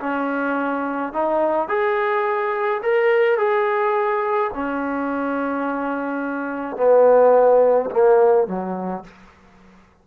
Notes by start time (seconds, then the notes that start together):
0.00 C#4
1.13 D#4
1.69 G#4
2.83 A#4
3.38 G#4
4.54 C#4
6.77 B3
7.91 A#3
8.48 F#3